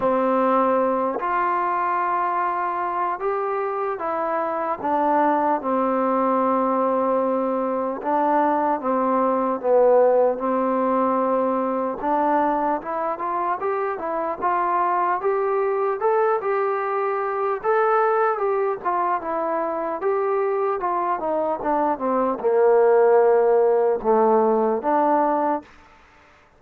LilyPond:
\new Staff \with { instrumentName = "trombone" } { \time 4/4 \tempo 4 = 75 c'4. f'2~ f'8 | g'4 e'4 d'4 c'4~ | c'2 d'4 c'4 | b4 c'2 d'4 |
e'8 f'8 g'8 e'8 f'4 g'4 | a'8 g'4. a'4 g'8 f'8 | e'4 g'4 f'8 dis'8 d'8 c'8 | ais2 a4 d'4 | }